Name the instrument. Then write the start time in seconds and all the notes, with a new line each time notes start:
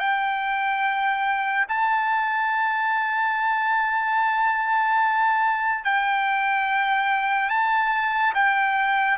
trumpet
0.00 G5
1.69 A5
5.85 G5
7.50 A5
8.35 G5